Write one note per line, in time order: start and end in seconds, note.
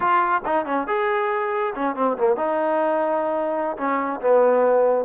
0.00 0.41 F4
0.45 0.65 D#4
0.65 0.87 C#4
0.87 1.73 G#4
1.75 1.95 C#4
1.95 2.17 C4
2.17 2.36 A#3
2.36 3.76 D#4
3.77 4.20 C#4
4.20 5.05 B3